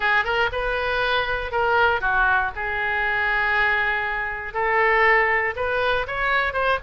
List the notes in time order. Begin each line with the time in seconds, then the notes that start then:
0.00 G#4
0.24 A#4
0.52 B4
1.51 A#4
2.00 F#4
2.55 G#4
4.53 A4
5.56 B4
6.07 C#5
6.53 C5